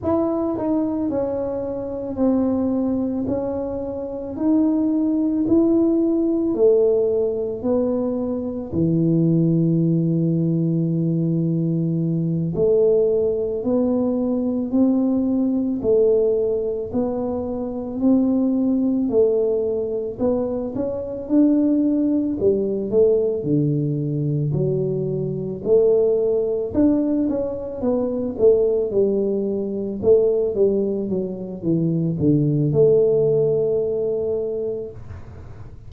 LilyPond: \new Staff \with { instrumentName = "tuba" } { \time 4/4 \tempo 4 = 55 e'8 dis'8 cis'4 c'4 cis'4 | dis'4 e'4 a4 b4 | e2.~ e8 a8~ | a8 b4 c'4 a4 b8~ |
b8 c'4 a4 b8 cis'8 d'8~ | d'8 g8 a8 d4 fis4 a8~ | a8 d'8 cis'8 b8 a8 g4 a8 | g8 fis8 e8 d8 a2 | }